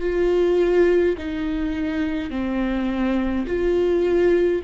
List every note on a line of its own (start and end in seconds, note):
0.00 1.15 F4
1.17 2.30 D#4
2.30 3.45 C4
3.46 4.62 F4